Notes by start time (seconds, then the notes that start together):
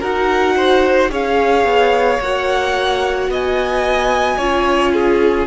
0.00 D#4 F#4 A#4 F#5
0.56 C5
1.09 C#4 G#4 C#5 F5
1.64 B3
2.20 A#3 F#4 F#5
3.29 B3 D#5 G#5
4.37 C#4 F4 C#5
4.93 G#4